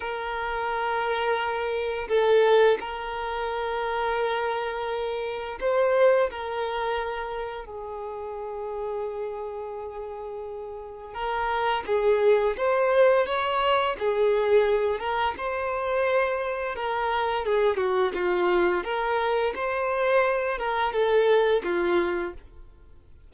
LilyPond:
\new Staff \with { instrumentName = "violin" } { \time 4/4 \tempo 4 = 86 ais'2. a'4 | ais'1 | c''4 ais'2 gis'4~ | gis'1 |
ais'4 gis'4 c''4 cis''4 | gis'4. ais'8 c''2 | ais'4 gis'8 fis'8 f'4 ais'4 | c''4. ais'8 a'4 f'4 | }